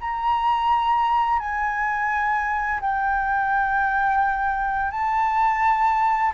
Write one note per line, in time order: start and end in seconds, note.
0.00 1.39 A#5
1.39 2.80 G#5
2.80 4.91 G5
4.91 6.32 A5